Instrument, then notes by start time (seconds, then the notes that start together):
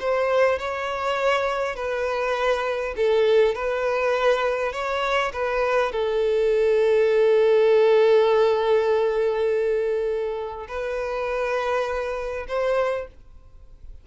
violin
0.00 C5
0.59 C#5
1.76 B4
2.96 A4
3.55 B4
4.73 C#5
5.33 B4
5.92 A4
10.68 B4
12.48 C5